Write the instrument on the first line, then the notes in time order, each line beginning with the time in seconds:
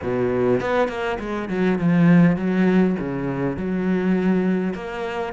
cello
0.02 B2
0.60 B3
0.88 A#3
1.19 G#3
1.49 F#3
1.78 F3
2.36 F#3
2.99 C#3
3.56 F#3
4.74 A#3